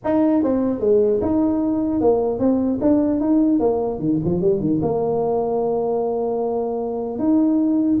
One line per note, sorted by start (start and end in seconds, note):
0.04 0.43 D#4
0.43 0.80 C4
0.80 1.20 G#3
1.21 2.00 D#4
2.00 2.39 A#3
2.39 2.79 C4
2.81 3.20 D4
3.20 3.59 D#4
3.59 3.99 A#3
3.99 4.19 D#3
4.25 4.41 F3
4.41 4.60 G3
4.60 4.80 D#3
4.81 7.18 A#3
7.18 7.98 D#4